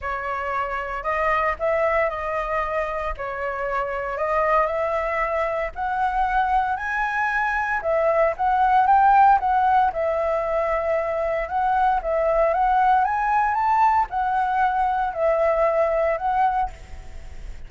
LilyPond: \new Staff \with { instrumentName = "flute" } { \time 4/4 \tempo 4 = 115 cis''2 dis''4 e''4 | dis''2 cis''2 | dis''4 e''2 fis''4~ | fis''4 gis''2 e''4 |
fis''4 g''4 fis''4 e''4~ | e''2 fis''4 e''4 | fis''4 gis''4 a''4 fis''4~ | fis''4 e''2 fis''4 | }